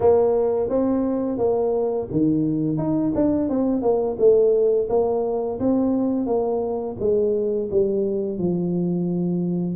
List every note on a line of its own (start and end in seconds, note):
0.00 0.68 A#3
0.68 1.38 C4
1.38 2.07 A#3
2.11 2.77 D#3
2.77 3.12 D#4
3.15 3.49 D4
3.49 3.82 C4
3.82 4.17 A#3
4.18 4.88 A3
4.89 5.59 A#3
5.59 6.26 C4
6.26 6.96 A#3
6.99 7.69 G#3
7.71 8.38 G3
8.38 9.75 F3